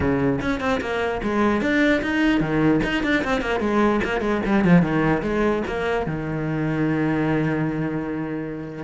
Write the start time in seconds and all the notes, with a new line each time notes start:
0.00 C#3
0.41 C#4
0.60 C4
0.81 A#3
1.22 G#3
1.61 D4
2.02 D#4
2.40 D#3
2.83 D#4
3.03 D4
3.23 C4
3.41 A#3
3.60 G#3
4.04 A#3
4.20 G#3
4.45 G3
4.64 F3
4.81 D#3
5.22 G#3
5.67 A#3
6.06 D#3